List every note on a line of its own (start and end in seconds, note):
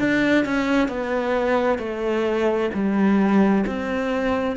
0.00 0.45 D4
0.45 0.88 C#4
0.88 1.79 B3
1.79 2.70 A3
2.74 3.65 G3
3.67 4.57 C4